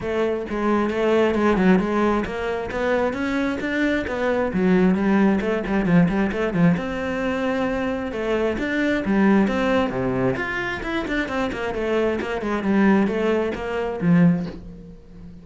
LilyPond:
\new Staff \with { instrumentName = "cello" } { \time 4/4 \tempo 4 = 133 a4 gis4 a4 gis8 fis8 | gis4 ais4 b4 cis'4 | d'4 b4 fis4 g4 | a8 g8 f8 g8 a8 f8 c'4~ |
c'2 a4 d'4 | g4 c'4 c4 f'4 | e'8 d'8 c'8 ais8 a4 ais8 gis8 | g4 a4 ais4 f4 | }